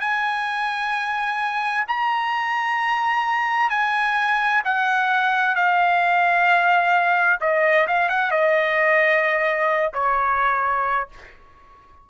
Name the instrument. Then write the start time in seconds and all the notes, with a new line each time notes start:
trumpet
0.00 G#5
1.88 A#5
3.70 G#5
4.64 F#5
5.55 F5
7.41 D#5
7.87 F5
8.09 F#5
8.31 D#5
9.93 C#5